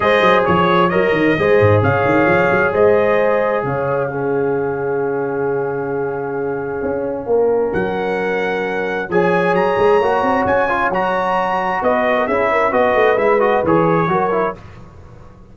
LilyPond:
<<
  \new Staff \with { instrumentName = "trumpet" } { \time 4/4 \tempo 4 = 132 dis''4 cis''4 dis''2 | f''2 dis''2 | f''1~ | f''1~ |
f''4 fis''2. | gis''4 ais''2 gis''4 | ais''2 dis''4 e''4 | dis''4 e''8 dis''8 cis''2 | }
  \new Staff \with { instrumentName = "horn" } { \time 4/4 c''4 cis''2 c''4 | cis''2 c''2 | cis''4 gis'2.~ | gis'1 |
ais'1 | cis''1~ | cis''2 b'8. ais'16 gis'8 ais'8 | b'2. ais'4 | }
  \new Staff \with { instrumentName = "trombone" } { \time 4/4 gis'2 ais'4 gis'4~ | gis'1~ | gis'4 cis'2.~ | cis'1~ |
cis'1 | gis'2 fis'4. f'8 | fis'2. e'4 | fis'4 e'8 fis'8 gis'4 fis'8 e'8 | }
  \new Staff \with { instrumentName = "tuba" } { \time 4/4 gis8 fis8 f4 fis8 dis8 gis8 gis,8 | cis8 dis8 f8 fis8 gis2 | cis1~ | cis2. cis'4 |
ais4 fis2. | f4 fis8 gis8 ais8 c'8 cis'4 | fis2 b4 cis'4 | b8 a8 gis4 e4 fis4 | }
>>